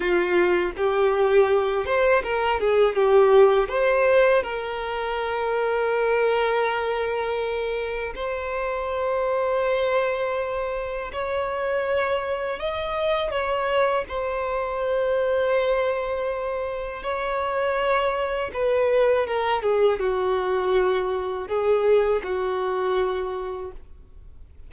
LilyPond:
\new Staff \with { instrumentName = "violin" } { \time 4/4 \tempo 4 = 81 f'4 g'4. c''8 ais'8 gis'8 | g'4 c''4 ais'2~ | ais'2. c''4~ | c''2. cis''4~ |
cis''4 dis''4 cis''4 c''4~ | c''2. cis''4~ | cis''4 b'4 ais'8 gis'8 fis'4~ | fis'4 gis'4 fis'2 | }